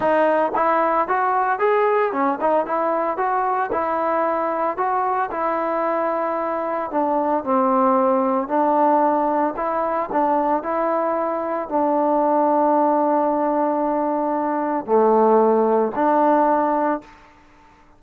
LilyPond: \new Staff \with { instrumentName = "trombone" } { \time 4/4 \tempo 4 = 113 dis'4 e'4 fis'4 gis'4 | cis'8 dis'8 e'4 fis'4 e'4~ | e'4 fis'4 e'2~ | e'4 d'4 c'2 |
d'2 e'4 d'4 | e'2 d'2~ | d'1 | a2 d'2 | }